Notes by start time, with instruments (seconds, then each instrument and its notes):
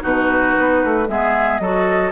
0.00 bassoon B2, clarinet D#4, oboe F#4, flute B4
0.58 bassoon B3
0.84 bassoon A3
1.08 bassoon G#3, clarinet B3, oboe G#4, flute E5
1.58 bassoon F#3, clarinet F#4, oboe A4, flute D#5